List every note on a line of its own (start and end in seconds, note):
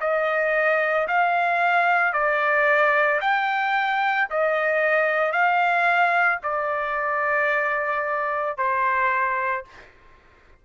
0.00 1.07 D#5
1.08 2.13 F5
2.13 3.20 D5
3.21 4.28 G5
4.30 5.32 D#5
5.32 6.39 F5
6.43 8.57 D5
8.57 9.64 C5